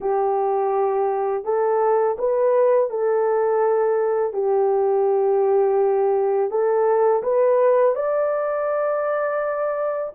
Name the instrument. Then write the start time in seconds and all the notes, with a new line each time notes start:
horn
0.00 G4
1.44 A4
2.18 B4
2.89 A4
4.33 G4
6.50 A4
7.23 B4
7.95 D5